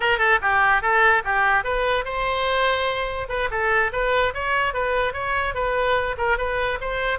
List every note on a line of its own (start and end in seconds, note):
0.00 0.18 A#4
0.18 0.39 A4
0.41 0.81 G4
0.81 1.23 A4
1.24 1.64 G4
1.64 2.04 B4
2.04 3.28 C5
3.28 3.49 B4
3.50 3.91 A4
3.92 4.33 B4
4.34 4.73 C#5
4.73 5.13 B4
5.13 5.54 C#5
5.54 6.16 B4
6.17 6.37 A#4
6.37 6.78 B4
6.80 7.18 C5